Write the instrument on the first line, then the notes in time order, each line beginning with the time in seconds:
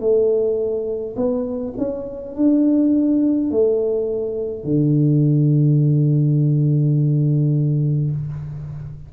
tuba
0.00 A3
1.16 B3
1.78 C#4
2.35 D4
3.51 A3
4.64 D3